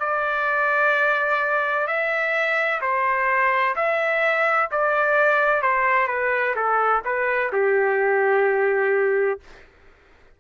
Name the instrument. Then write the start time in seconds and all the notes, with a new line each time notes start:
trumpet
0.00 D5
1.87 E5
2.82 C5
3.76 E5
4.71 D5
5.62 C5
6.08 B4
6.56 A4
7.05 B4
7.53 G4